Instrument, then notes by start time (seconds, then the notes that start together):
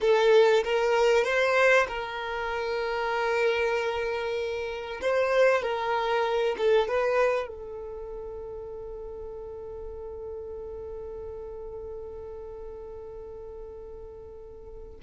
violin
0.01 A4
0.64 A#4
1.24 C5
1.88 A#4
5.01 C5
5.62 A#4
6.57 A4
6.88 B4
7.47 A4